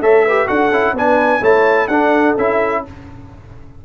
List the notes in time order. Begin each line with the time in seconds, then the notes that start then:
0.00 A3 A4 C#5 E5
0.24 G4 B4
0.46 D4 F#4 A4 F#5
0.70 C#4 E4
0.92 B3 D4 B4 G#5
1.40 A3 E4 C#5 A5
1.87 D4 A4 F#5
2.37 C#4 E4 E5